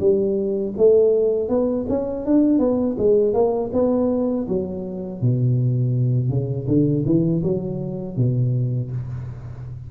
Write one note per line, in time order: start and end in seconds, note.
0.00 0.74 G3
0.77 1.49 A3
1.49 1.86 B3
1.89 2.26 C#4
2.26 2.59 D4
2.59 2.96 B3
2.98 3.34 G#3
3.34 3.71 A#3
3.73 4.47 B3
4.48 5.21 F#3
5.21 6.30 B2
6.30 6.67 C#3
6.68 7.05 D3
7.06 7.43 E3
7.43 8.17 F#3
8.17 8.91 B2